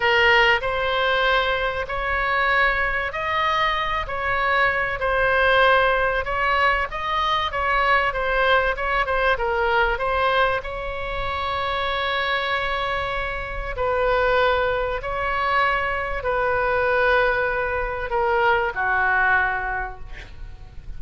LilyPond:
\new Staff \with { instrumentName = "oboe" } { \time 4/4 \tempo 4 = 96 ais'4 c''2 cis''4~ | cis''4 dis''4. cis''4. | c''2 cis''4 dis''4 | cis''4 c''4 cis''8 c''8 ais'4 |
c''4 cis''2.~ | cis''2 b'2 | cis''2 b'2~ | b'4 ais'4 fis'2 | }